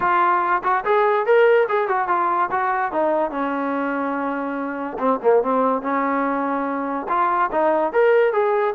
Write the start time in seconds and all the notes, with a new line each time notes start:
0.00 F4
0.63 F#4
0.84 G#4
1.25 A#4
1.68 G#4
1.88 F#4
2.08 F4
2.51 F#4
2.91 D#4
3.30 C#4
4.98 C4
5.22 A#3
5.42 C4
5.81 C#4
7.08 F4
7.51 D#4
7.92 A#4
8.32 G#4